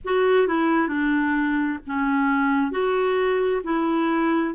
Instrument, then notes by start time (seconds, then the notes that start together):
clarinet
0.04 F#4
0.48 E4
0.88 D4
1.86 C#4
2.71 F#4
3.63 E4